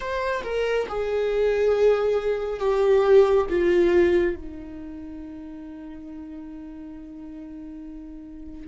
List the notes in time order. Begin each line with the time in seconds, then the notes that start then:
0.00 C5
0.43 A#4
0.88 G#4
2.59 G4
3.49 F4
4.35 D#4